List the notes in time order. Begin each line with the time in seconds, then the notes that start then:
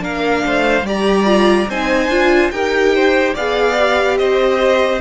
0.00 A#3 D4 A#4 F5
0.45 A3 C5
0.81 G3 G4 D5
0.88 A#5
1.25 F4
1.69 C4 D#4 C5 G#5
2.08 D4 F4
2.51 D#4 G4 A#4 G5
2.95 C5
3.34 B3 G#4 D5 F5
3.78 G4
4.17 C4 C5 D#5